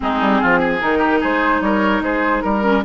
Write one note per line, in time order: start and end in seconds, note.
0.00 0.20 G#3
0.00 0.80 C4
0.00 0.41 D#4
0.00 0.80 G#4
0.20 0.41 G3
0.41 0.81 F3
0.41 0.58 F4
0.58 0.98 G#4
0.80 1.22 D#3
0.80 2.62 D#4
0.80 1.21 A#4
0.98 1.18 G4
1.20 1.60 G#3
1.20 1.60 G#4
1.20 1.61 C5
1.60 2.00 G3
1.60 2.03 A#4
1.60 2.02 C#5
2.00 2.41 G#3
2.00 2.43 G#4
2.00 2.41 C5
2.41 2.84 G3
2.41 2.82 A#4
2.41 2.84 A#4
2.62 2.83 C#4